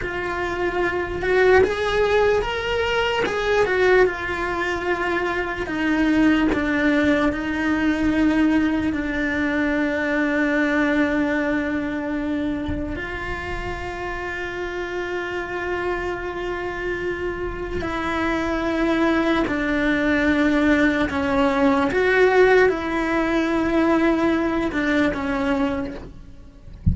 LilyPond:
\new Staff \with { instrumentName = "cello" } { \time 4/4 \tempo 4 = 74 f'4. fis'8 gis'4 ais'4 | gis'8 fis'8 f'2 dis'4 | d'4 dis'2 d'4~ | d'1 |
f'1~ | f'2 e'2 | d'2 cis'4 fis'4 | e'2~ e'8 d'8 cis'4 | }